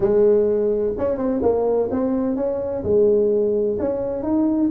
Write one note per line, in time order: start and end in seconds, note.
0.00 0.93 G#3
0.98 1.17 C#4
1.17 1.41 C4
1.42 1.89 A#3
1.91 2.36 C4
2.36 2.83 C#4
2.83 3.78 G#3
3.79 4.22 C#4
4.22 4.70 D#4